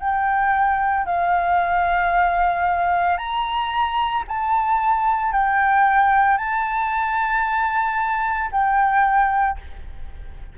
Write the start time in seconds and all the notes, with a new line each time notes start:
0.00 G5
1.06 F5
3.18 A#5
4.28 A5
5.32 G5
6.38 A5
8.52 G5